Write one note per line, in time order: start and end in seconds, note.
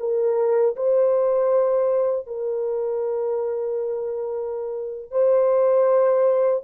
0.00 0.76 A#4
0.77 2.27 C5
2.27 5.12 A#4
5.12 6.64 C5